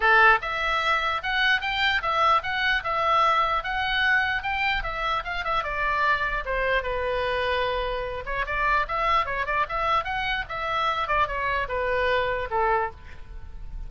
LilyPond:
\new Staff \with { instrumentName = "oboe" } { \time 4/4 \tempo 4 = 149 a'4 e''2 fis''4 | g''4 e''4 fis''4 e''4~ | e''4 fis''2 g''4 | e''4 f''8 e''8 d''2 |
c''4 b'2.~ | b'8 cis''8 d''4 e''4 cis''8 d''8 | e''4 fis''4 e''4. d''8 | cis''4 b'2 a'4 | }